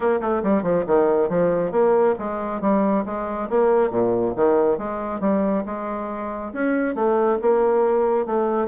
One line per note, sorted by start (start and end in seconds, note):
0.00 0.20 A#3
0.20 0.42 A3
0.43 0.62 G3
0.62 0.84 F3
0.86 1.29 D#3
1.29 1.71 F3
1.71 2.14 A#3
2.18 2.61 G#3
2.61 3.04 G3
3.05 3.49 G#3
3.49 3.90 A#3
3.90 4.33 A#2
4.36 4.78 D#3
4.78 5.20 G#3
5.20 5.63 G3
5.65 6.52 G#3
6.53 6.95 C#4
6.95 7.38 A3
7.41 8.26 A#3
8.26 8.67 A3